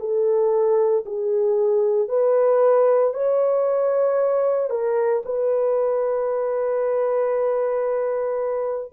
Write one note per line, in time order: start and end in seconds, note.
0.00 1.05 A4
1.06 2.09 G#4
2.09 3.14 B4
3.14 4.70 C#5
4.70 5.23 A#4
5.25 8.93 B4